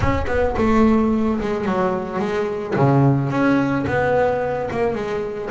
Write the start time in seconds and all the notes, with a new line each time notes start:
0.00 C#4
0.27 B3
0.57 A3
1.40 G#3
1.65 F#3
2.19 G#3
2.75 C#3
3.30 C#4
3.87 B3
4.70 A#3
4.94 G#3